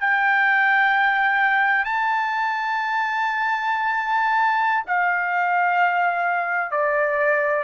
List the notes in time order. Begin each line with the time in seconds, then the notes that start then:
0.00 G5
1.84 A5
4.87 F5
6.71 D5